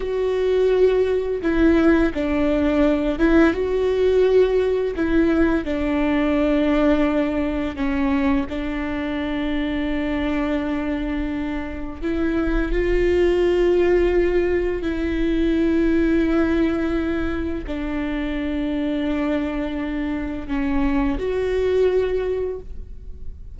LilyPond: \new Staff \with { instrumentName = "viola" } { \time 4/4 \tempo 4 = 85 fis'2 e'4 d'4~ | d'8 e'8 fis'2 e'4 | d'2. cis'4 | d'1~ |
d'4 e'4 f'2~ | f'4 e'2.~ | e'4 d'2.~ | d'4 cis'4 fis'2 | }